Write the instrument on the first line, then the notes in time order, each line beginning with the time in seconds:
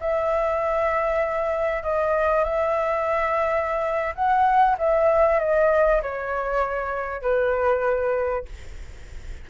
flute
0.00 E5
1.83 D#5
2.44 E5
4.15 F#5
4.78 E5
5.39 D#5
6.02 C#5
7.22 B4